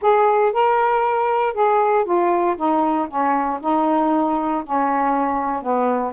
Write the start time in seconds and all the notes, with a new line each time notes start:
0.01 G#4
0.52 A#4
1.53 G#4
2.04 F4
2.56 D#4
3.08 C#4
3.61 D#4
4.64 C#4
5.62 B3